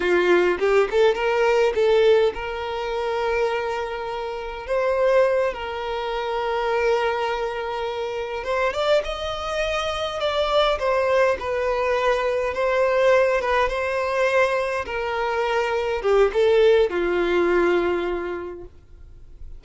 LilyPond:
\new Staff \with { instrumentName = "violin" } { \time 4/4 \tempo 4 = 103 f'4 g'8 a'8 ais'4 a'4 | ais'1 | c''4. ais'2~ ais'8~ | ais'2~ ais'8 c''8 d''8 dis''8~ |
dis''4. d''4 c''4 b'8~ | b'4. c''4. b'8 c''8~ | c''4. ais'2 g'8 | a'4 f'2. | }